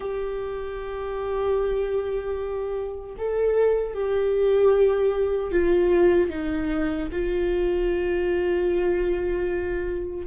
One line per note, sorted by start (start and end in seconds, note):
0.00 3.15 G4
3.18 3.94 A4
3.94 5.51 G4
5.51 6.29 F4
6.29 7.08 D#4
7.11 10.26 F4